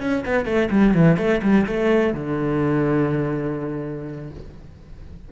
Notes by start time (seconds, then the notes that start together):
0.00 C#4
0.25 B3
0.46 A3
0.71 G3
0.94 E3
1.17 A3
1.42 G3
1.67 A3
2.14 D3